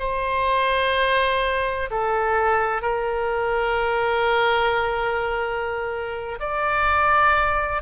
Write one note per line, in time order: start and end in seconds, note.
0.00 1.90 C5
1.91 2.82 A4
2.82 6.39 A#4
6.40 7.83 D5